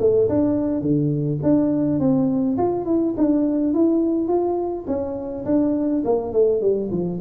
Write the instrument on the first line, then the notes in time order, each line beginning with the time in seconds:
tuba
0.00 A3
0.29 D4
0.81 D3
1.43 D4
2.00 C4
2.58 F4
2.86 E4
3.18 D4
3.74 E4
4.28 F4
4.87 C#4
5.45 D4
6.05 A#3
6.33 A3
6.62 G3
6.91 F3